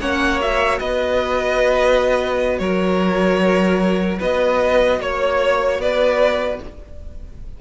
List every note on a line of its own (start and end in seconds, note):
0.00 0.80 A#3
0.00 0.41 C#4
0.00 0.80 C#5
0.00 0.41 F#5
0.41 6.61 F#4
0.41 0.79 E5
0.79 2.60 B3
0.79 2.60 B4
0.79 2.59 D#5
2.59 4.20 F#3
2.59 4.19 A#4
2.59 4.19 C#5
4.19 5.00 B3
4.19 4.99 B4
4.19 5.02 D#5
5.00 5.79 A#3
5.00 5.82 C#5
5.00 5.81 C#5
5.79 6.59 B3
5.79 6.62 B4
5.79 6.61 D5